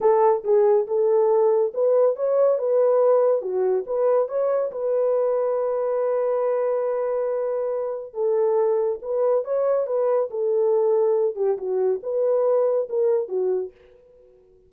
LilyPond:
\new Staff \with { instrumentName = "horn" } { \time 4/4 \tempo 4 = 140 a'4 gis'4 a'2 | b'4 cis''4 b'2 | fis'4 b'4 cis''4 b'4~ | b'1~ |
b'2. a'4~ | a'4 b'4 cis''4 b'4 | a'2~ a'8 g'8 fis'4 | b'2 ais'4 fis'4 | }